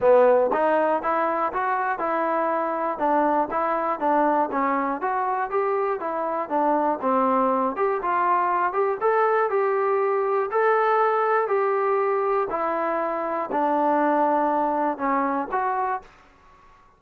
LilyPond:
\new Staff \with { instrumentName = "trombone" } { \time 4/4 \tempo 4 = 120 b4 dis'4 e'4 fis'4 | e'2 d'4 e'4 | d'4 cis'4 fis'4 g'4 | e'4 d'4 c'4. g'8 |
f'4. g'8 a'4 g'4~ | g'4 a'2 g'4~ | g'4 e'2 d'4~ | d'2 cis'4 fis'4 | }